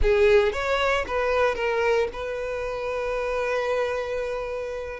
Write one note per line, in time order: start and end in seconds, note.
0.02 0.52 G#4
0.52 1.05 C#5
1.07 1.55 B4
1.55 2.08 A#4
2.12 5.00 B4